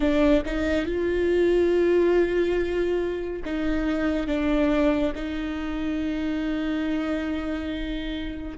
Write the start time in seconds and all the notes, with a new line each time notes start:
0.00 D4
0.45 D#4
0.85 F4
3.44 D#4
4.27 D4
5.15 D#4